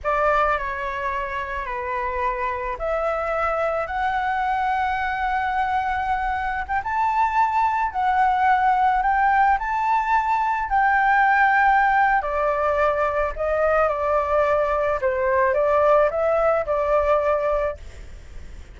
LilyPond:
\new Staff \with { instrumentName = "flute" } { \time 4/4 \tempo 4 = 108 d''4 cis''2 b'4~ | b'4 e''2 fis''4~ | fis''1 | g''16 a''2 fis''4.~ fis''16~ |
fis''16 g''4 a''2 g''8.~ | g''2 d''2 | dis''4 d''2 c''4 | d''4 e''4 d''2 | }